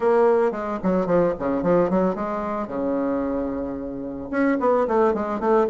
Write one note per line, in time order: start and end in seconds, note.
0.00 0.51 A#3
0.51 0.78 G#3
0.83 1.06 F#3
1.06 1.33 F3
1.39 1.62 C#3
1.62 1.89 F3
1.89 2.15 F#3
2.15 2.67 G#3
2.67 4.29 C#3
4.30 4.57 C#4
4.60 4.87 B3
4.87 5.14 A3
5.14 5.40 G#3
5.40 5.67 A3